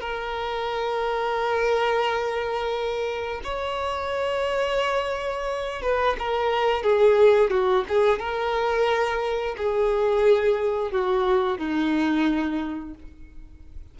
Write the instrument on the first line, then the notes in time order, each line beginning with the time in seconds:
violin
0.00 A#4
3.43 C#5
5.82 B4
6.18 A#4
6.83 G#4
7.50 F#4
7.88 G#4
8.19 A#4
9.57 G#4
10.92 F#4
11.58 D#4